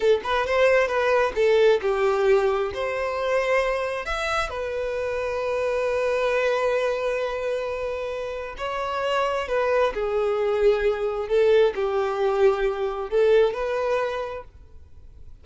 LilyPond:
\new Staff \with { instrumentName = "violin" } { \time 4/4 \tempo 4 = 133 a'8 b'8 c''4 b'4 a'4 | g'2 c''2~ | c''4 e''4 b'2~ | b'1~ |
b'2. cis''4~ | cis''4 b'4 gis'2~ | gis'4 a'4 g'2~ | g'4 a'4 b'2 | }